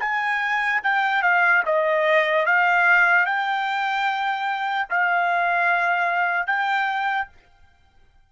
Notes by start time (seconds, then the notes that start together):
0.00 G#5
0.83 G5
1.22 F5
1.65 D#5
2.46 F5
3.26 G5
4.90 F5
6.47 G5